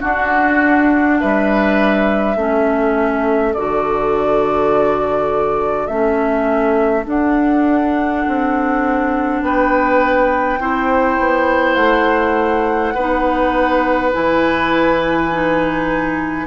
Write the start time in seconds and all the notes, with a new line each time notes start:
0.00 D4 F#4 F#5
1.20 G3 B4 E5
2.36 A3 C#4 A4
3.54 D3 F#4 D5
5.87 A3 C#4 E5
7.05 D4 F#5
8.28 C4
9.42 B3 B4 G5
10.60 C4 E4 C5
11.19 B3
11.75 A3 F#5
12.94 B3 D#4 B4
14.12 E3 E4 G#5
15.32 D#4